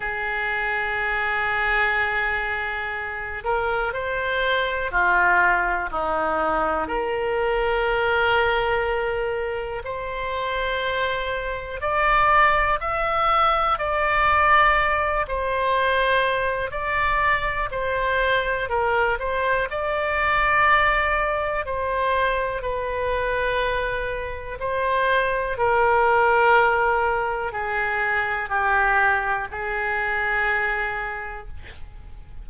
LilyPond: \new Staff \with { instrumentName = "oboe" } { \time 4/4 \tempo 4 = 61 gis'2.~ gis'8 ais'8 | c''4 f'4 dis'4 ais'4~ | ais'2 c''2 | d''4 e''4 d''4. c''8~ |
c''4 d''4 c''4 ais'8 c''8 | d''2 c''4 b'4~ | b'4 c''4 ais'2 | gis'4 g'4 gis'2 | }